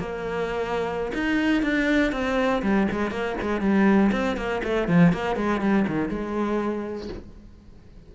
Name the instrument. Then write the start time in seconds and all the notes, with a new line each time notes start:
cello
0.00 A#3
1.15 D#4
1.63 D4
2.12 C4
2.63 G3
2.92 G#3
3.11 A#3
3.41 G#3
3.61 G3
4.12 C4
4.37 A#3
4.64 A3
4.88 F3
5.13 A#3
5.36 G#3
5.61 G3
5.88 D#3
6.09 G#3